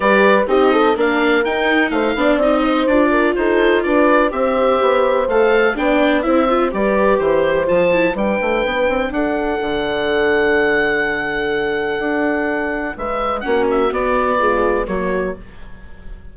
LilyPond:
<<
  \new Staff \with { instrumentName = "oboe" } { \time 4/4 \tempo 4 = 125 d''4 dis''4 f''4 g''4 | f''4 dis''4 d''4 c''4 | d''4 e''2 f''4 | g''4 e''4 d''4 c''4 |
a''4 g''2 fis''4~ | fis''1~ | fis''2. e''4 | fis''8 e''8 d''2 cis''4 | }
  \new Staff \with { instrumentName = "horn" } { \time 4/4 b'4 g'8 a'8 ais'2 | c''8 d''4 c''4 ais'8 a'4 | b'4 c''2. | d''4 c''4 b'4 c''4~ |
c''4 b'2 a'4~ | a'1~ | a'2. b'4 | fis'2 f'4 fis'4 | }
  \new Staff \with { instrumentName = "viola" } { \time 4/4 g'4 dis'4 d'4 dis'4~ | dis'8 d'8 dis'4 f'2~ | f'4 g'2 a'4 | d'4 e'8 f'8 g'2 |
f'8 e'8 d'2.~ | d'1~ | d'1 | cis'4 b4 gis4 ais4 | }
  \new Staff \with { instrumentName = "bassoon" } { \time 4/4 g4 c'4 ais4 dis'4 | a8 b8 c'4 d'4 dis'4 | d'4 c'4 b4 a4 | b4 c'4 g4 e4 |
f4 g8 a8 b8 c'8 d'4 | d1~ | d4 d'2 gis4 | ais4 b2 fis4 | }
>>